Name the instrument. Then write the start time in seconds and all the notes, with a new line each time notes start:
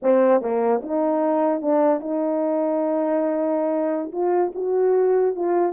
horn
0.02 C4
0.41 A#3
0.82 D#4
1.61 D4
2.00 D#4
4.11 F4
4.54 F#4
5.35 F4